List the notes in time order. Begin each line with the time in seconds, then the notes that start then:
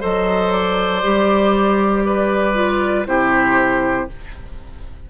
0.00 F#3 A4 C5 D#5
0.52 D5
1.02 G3 G4
2.05 B4
2.54 F4
3.05 C3 E4 G4 C5